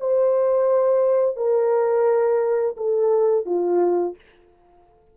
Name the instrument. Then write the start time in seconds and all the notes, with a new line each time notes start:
horn
0.00 C5
1.37 A#4
2.77 A4
3.46 F4